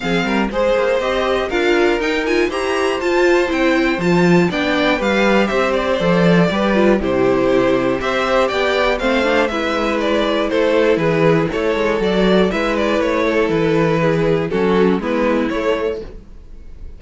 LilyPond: <<
  \new Staff \with { instrumentName = "violin" } { \time 4/4 \tempo 4 = 120 f''4 c''4 dis''4 f''4 | g''8 gis''8 ais''4 a''4 g''4 | a''4 g''4 f''4 e''8 d''8~ | d''2 c''2 |
e''4 g''4 f''4 e''4 | d''4 c''4 b'4 cis''4 | d''4 e''8 d''8 cis''4 b'4~ | b'4 a'4 b'4 cis''4 | }
  \new Staff \with { instrumentName = "violin" } { \time 4/4 gis'8 ais'8 c''2 ais'4~ | ais'4 c''2.~ | c''4 d''4 b'4 c''4~ | c''4 b'4 g'2 |
c''4 d''4 c''4 b'4~ | b'4 a'4 gis'4 a'4~ | a'4 b'4. a'4. | gis'4 fis'4 e'2 | }
  \new Staff \with { instrumentName = "viola" } { \time 4/4 c'4 gis'4 g'4 f'4 | dis'8 f'8 g'4 f'4 e'4 | f'4 d'4 g'2 | a'4 g'8 f'8 e'2 |
g'2 c'8 d'8 e'4~ | e'1 | fis'4 e'2.~ | e'4 cis'4 b4 a4 | }
  \new Staff \with { instrumentName = "cello" } { \time 4/4 f8 g8 gis8 ais8 c'4 d'4 | dis'4 e'4 f'4 c'4 | f4 b4 g4 c'4 | f4 g4 c2 |
c'4 b4 a4 gis4~ | gis4 a4 e4 a8 gis8 | fis4 gis4 a4 e4~ | e4 fis4 gis4 a4 | }
>>